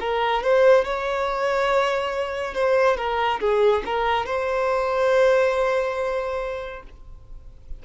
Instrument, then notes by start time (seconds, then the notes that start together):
violin
0.00 A#4
0.43 C5
0.85 C#5
2.54 C5
2.97 A#4
3.40 G#4
3.85 A#4
4.26 C5